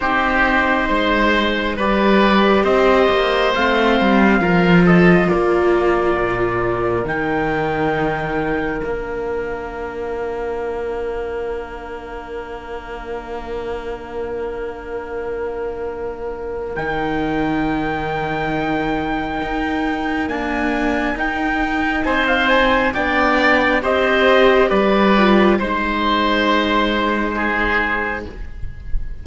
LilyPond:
<<
  \new Staff \with { instrumentName = "trumpet" } { \time 4/4 \tempo 4 = 68 c''2 d''4 dis''4 | f''4. dis''8 d''2 | g''2 f''2~ | f''1~ |
f''2. g''4~ | g''2. gis''4 | g''4 gis''16 f''16 gis''8 g''4 dis''4 | d''4 c''2. | }
  \new Staff \with { instrumentName = "oboe" } { \time 4/4 g'4 c''4 b'4 c''4~ | c''4 ais'8 a'8 ais'2~ | ais'1~ | ais'1~ |
ais'1~ | ais'1~ | ais'4 c''4 d''4 c''4 | b'4 c''2 gis'4 | }
  \new Staff \with { instrumentName = "viola" } { \time 4/4 dis'2 g'2 | c'4 f'2. | dis'2 d'2~ | d'1~ |
d'2. dis'4~ | dis'2. ais4 | dis'2 d'4 g'4~ | g'8 f'8 dis'2. | }
  \new Staff \with { instrumentName = "cello" } { \time 4/4 c'4 gis4 g4 c'8 ais8 | a8 g8 f4 ais4 ais,4 | dis2 ais2~ | ais1~ |
ais2. dis4~ | dis2 dis'4 d'4 | dis'4 c'4 b4 c'4 | g4 gis2. | }
>>